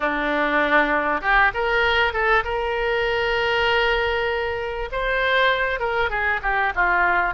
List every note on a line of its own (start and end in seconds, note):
0.00 1.21 D4
1.21 1.51 G4
1.54 2.13 A#4
2.13 2.43 A4
2.44 4.89 A#4
4.92 5.79 C5
5.79 6.09 A#4
6.09 6.40 G#4
6.42 6.73 G4
6.75 7.34 F4